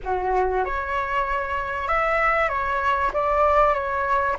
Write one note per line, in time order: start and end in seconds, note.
0.03 0.64 F#4
0.64 1.88 C#5
1.88 2.48 E5
2.48 3.11 C#5
3.12 3.74 D5
3.74 4.36 C#5